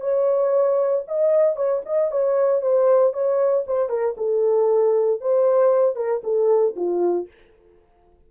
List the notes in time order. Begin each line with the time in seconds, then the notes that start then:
0.00 C#5
1.07 D#5
1.56 C#5
1.86 D#5
2.11 C#5
2.61 C5
3.13 C#5
3.67 C5
3.89 A#4
4.17 A4
5.21 C5
5.96 A#4
6.23 A4
6.76 F4